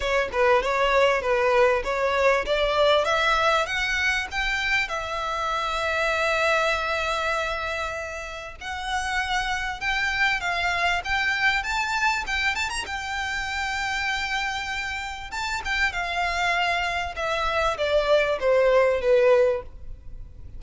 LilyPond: \new Staff \with { instrumentName = "violin" } { \time 4/4 \tempo 4 = 98 cis''8 b'8 cis''4 b'4 cis''4 | d''4 e''4 fis''4 g''4 | e''1~ | e''2 fis''2 |
g''4 f''4 g''4 a''4 | g''8 a''16 ais''16 g''2.~ | g''4 a''8 g''8 f''2 | e''4 d''4 c''4 b'4 | }